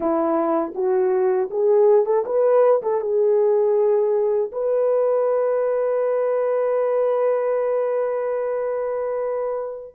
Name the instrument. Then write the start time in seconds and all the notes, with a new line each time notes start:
horn
0.00 E4
0.74 F#4
1.50 G#4
2.05 A4
2.25 B4
2.82 A4
3.00 G#4
4.52 B4